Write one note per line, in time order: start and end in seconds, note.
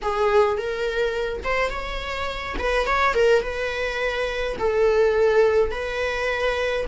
0.02 0.57 G#4
0.57 1.43 A#4
1.43 1.70 C5
1.70 2.55 C#5
2.58 2.86 B4
2.86 3.14 C#5
3.14 3.42 A#4
3.42 4.56 B4
4.58 5.71 A4
5.71 6.85 B4